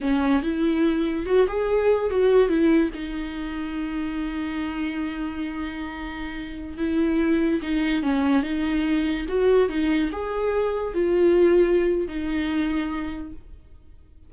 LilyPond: \new Staff \with { instrumentName = "viola" } { \time 4/4 \tempo 4 = 144 cis'4 e'2 fis'8 gis'8~ | gis'4 fis'4 e'4 dis'4~ | dis'1~ | dis'1~ |
dis'16 e'2 dis'4 cis'8.~ | cis'16 dis'2 fis'4 dis'8.~ | dis'16 gis'2 f'4.~ f'16~ | f'4 dis'2. | }